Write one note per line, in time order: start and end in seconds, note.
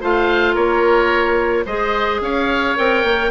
0.00 0.56 A3
0.00 1.66 F4
0.00 0.53 C5
0.00 0.55 F5
0.53 1.65 A#3
0.53 1.64 A#4
0.53 1.65 C#5
1.65 2.20 G#3
1.65 2.76 G#4
1.65 2.20 C5
1.65 2.21 D#5
2.20 2.75 C#4
2.20 3.31 C#5
2.20 2.77 F5
2.76 3.03 C4
2.76 3.31 A#4
2.76 3.31 G5
3.03 3.31 A#3